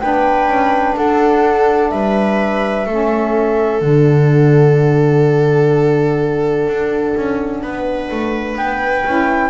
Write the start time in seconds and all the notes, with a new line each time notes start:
0.00 B3 D4 B4 G5
0.47 C#4
0.96 D4 A4 F#5
1.90 G3 B4 E5
2.86 A3 C#4 A4
3.81 D3 D4 F#5
6.66 D4
7.16 C#4
7.62 B3 B4
8.11 A3
8.56 B3 G5
9.05 C#4 E4